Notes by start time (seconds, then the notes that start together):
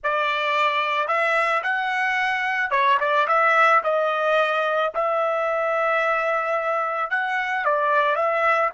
0.03 D5
1.07 E5
1.63 F#5
2.70 C#5
3.00 D5
3.27 E5
3.83 D#5
4.94 E5
7.10 F#5
7.64 D5
8.15 E5